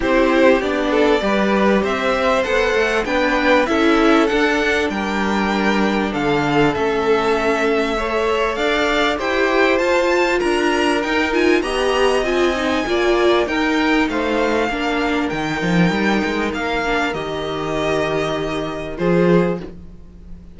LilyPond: <<
  \new Staff \with { instrumentName = "violin" } { \time 4/4 \tempo 4 = 98 c''4 d''2 e''4 | fis''4 g''4 e''4 fis''4 | g''2 f''4 e''4~ | e''2 f''4 g''4 |
a''4 ais''4 g''8 gis''8 ais''4 | gis''2 g''4 f''4~ | f''4 g''2 f''4 | dis''2. c''4 | }
  \new Staff \with { instrumentName = "violin" } { \time 4/4 g'4. a'8 b'4 c''4~ | c''4 b'4 a'2 | ais'2 a'2~ | a'4 cis''4 d''4 c''4~ |
c''4 ais'2 dis''4~ | dis''4 d''4 ais'4 c''4 | ais'1~ | ais'2. gis'4 | }
  \new Staff \with { instrumentName = "viola" } { \time 4/4 e'4 d'4 g'2 | a'4 d'4 e'4 d'4~ | d'2. cis'4~ | cis'4 a'2 g'4 |
f'2 dis'8 f'8 g'4 | f'8 dis'8 f'4 dis'2 | d'4 dis'2~ dis'8 d'8 | g'2. f'4 | }
  \new Staff \with { instrumentName = "cello" } { \time 4/4 c'4 b4 g4 c'4 | b8 a8 b4 cis'4 d'4 | g2 d4 a4~ | a2 d'4 e'4 |
f'4 d'4 dis'4 b4 | c'4 ais4 dis'4 a4 | ais4 dis8 f8 g8 gis8 ais4 | dis2. f4 | }
>>